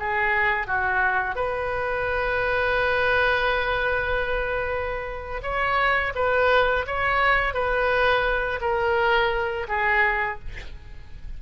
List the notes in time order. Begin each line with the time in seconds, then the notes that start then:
0.00 G#4
0.68 F#4
1.36 B4
5.43 C#5
6.15 B4
6.87 C#5
7.54 B4
8.61 A#4
9.69 G#4